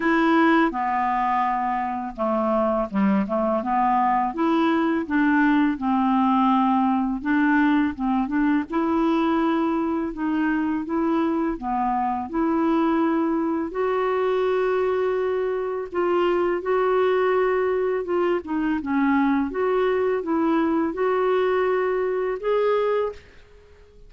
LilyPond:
\new Staff \with { instrumentName = "clarinet" } { \time 4/4 \tempo 4 = 83 e'4 b2 a4 | g8 a8 b4 e'4 d'4 | c'2 d'4 c'8 d'8 | e'2 dis'4 e'4 |
b4 e'2 fis'4~ | fis'2 f'4 fis'4~ | fis'4 f'8 dis'8 cis'4 fis'4 | e'4 fis'2 gis'4 | }